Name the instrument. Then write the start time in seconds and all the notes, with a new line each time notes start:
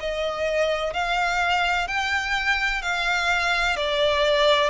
violin
0.00 D#5
0.93 F5
1.88 G5
2.82 F5
3.76 D5